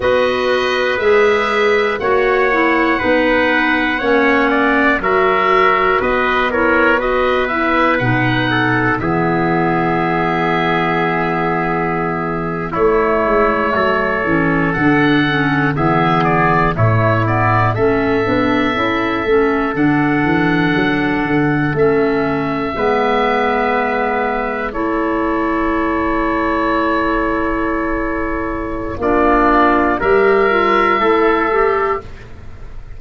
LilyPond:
<<
  \new Staff \with { instrumentName = "oboe" } { \time 4/4 \tempo 4 = 60 dis''4 e''4 fis''2~ | fis''4 e''4 dis''8 cis''8 dis''8 e''8 | fis''4 e''2.~ | e''8. cis''2 fis''4 e''16~ |
e''16 d''8 cis''8 d''8 e''2 fis''16~ | fis''4.~ fis''16 e''2~ e''16~ | e''8. cis''2.~ cis''16~ | cis''4 d''4 e''2 | }
  \new Staff \with { instrumentName = "trumpet" } { \time 4/4 b'2 cis''4 b'4 | cis''8 d''8 ais'4 b'8 ais'8 b'4~ | b'8 a'8 gis'2.~ | gis'8. e'4 a'2 gis'16~ |
gis'8. e'4 a'2~ a'16~ | a'2~ a'8. b'4~ b'16~ | b'8. a'2.~ a'16~ | a'4 f'4 ais'4 a'4 | }
  \new Staff \with { instrumentName = "clarinet" } { \time 4/4 fis'4 gis'4 fis'8 e'8 dis'4 | cis'4 fis'4. e'8 fis'8 e'8 | dis'4 b2.~ | b8. a4. cis'8 d'8 cis'8 b16~ |
b8. a8 b8 cis'8 d'8 e'8 cis'8 d'16~ | d'4.~ d'16 cis'4 b4~ b16~ | b8. e'2.~ e'16~ | e'4 d'4 g'8 f'8 e'8 g'8 | }
  \new Staff \with { instrumentName = "tuba" } { \time 4/4 b4 gis4 ais4 b4 | ais4 fis4 b2 | b,4 e2.~ | e8. a8 gis8 fis8 e8 d4 e16~ |
e8. a,4 a8 b8 cis'8 a8 d16~ | d16 e8 fis8 d8 a4 gis4~ gis16~ | gis8. a2.~ a16~ | a4 ais4 g4 a4 | }
>>